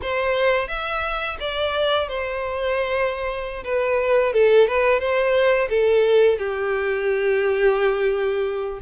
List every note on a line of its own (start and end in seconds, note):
0.02 0.68 C5
0.68 1.37 E5
1.39 2.08 D5
2.08 3.63 C5
3.64 4.33 B4
4.33 4.67 A4
4.67 4.99 B4
4.99 5.68 C5
5.69 6.38 A4
6.38 8.79 G4